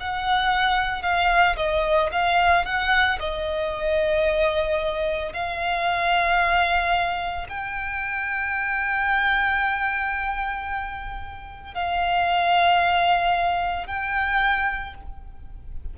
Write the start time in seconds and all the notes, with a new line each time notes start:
0.00 F#5
1.02 F5
1.57 D#5
2.12 F5
2.65 F#5
3.19 D#5
5.33 F5
7.49 G5
11.74 F5
13.87 G5